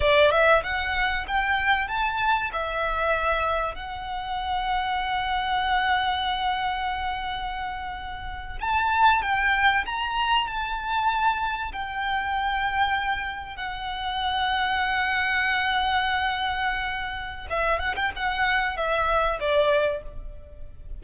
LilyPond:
\new Staff \with { instrumentName = "violin" } { \time 4/4 \tempo 4 = 96 d''8 e''8 fis''4 g''4 a''4 | e''2 fis''2~ | fis''1~ | fis''4.~ fis''16 a''4 g''4 ais''16~ |
ais''8. a''2 g''4~ g''16~ | g''4.~ g''16 fis''2~ fis''16~ | fis''1 | e''8 fis''16 g''16 fis''4 e''4 d''4 | }